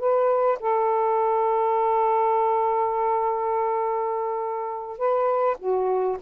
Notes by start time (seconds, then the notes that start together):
0.00 B4
0.60 A4
4.98 B4
5.59 F#4